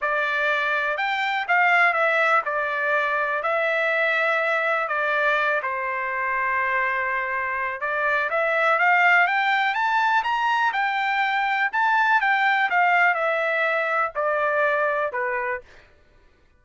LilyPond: \new Staff \with { instrumentName = "trumpet" } { \time 4/4 \tempo 4 = 123 d''2 g''4 f''4 | e''4 d''2 e''4~ | e''2 d''4. c''8~ | c''1 |
d''4 e''4 f''4 g''4 | a''4 ais''4 g''2 | a''4 g''4 f''4 e''4~ | e''4 d''2 b'4 | }